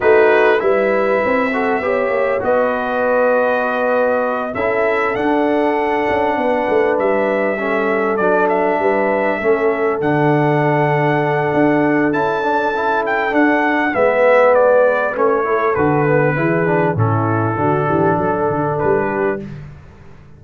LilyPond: <<
  \new Staff \with { instrumentName = "trumpet" } { \time 4/4 \tempo 4 = 99 b'4 e''2. | dis''2.~ dis''8 e''8~ | e''8 fis''2. e''8~ | e''4. d''8 e''2~ |
e''8 fis''2.~ fis''8 | a''4. g''8 fis''4 e''4 | d''4 cis''4 b'2 | a'2. b'4 | }
  \new Staff \with { instrumentName = "horn" } { \time 4/4 fis'4 b'4. a'8 cis''4 | b'2.~ b'8 a'8~ | a'2~ a'8 b'4.~ | b'8 a'2 b'4 a'8~ |
a'1~ | a'2. b'4~ | b'4. a'4. gis'4 | e'4 fis'8 g'8 a'4. g'8 | }
  \new Staff \with { instrumentName = "trombone" } { \time 4/4 dis'4 e'4. fis'8 g'4 | fis'2.~ fis'8 e'8~ | e'8 d'2.~ d'8~ | d'8 cis'4 d'2 cis'8~ |
cis'8 d'2.~ d'8 | e'8 d'8 e'4 d'4 b4~ | b4 cis'8 e'8 fis'8 b8 e'8 d'8 | cis'4 d'2. | }
  \new Staff \with { instrumentName = "tuba" } { \time 4/4 a4 g4 c'4 b8 ais8 | b2.~ b8 cis'8~ | cis'8 d'4. cis'8 b8 a8 g8~ | g4. fis4 g4 a8~ |
a8 d2~ d8 d'4 | cis'2 d'4 gis4~ | gis4 a4 d4 e4 | a,4 d8 e8 fis8 d8 g4 | }
>>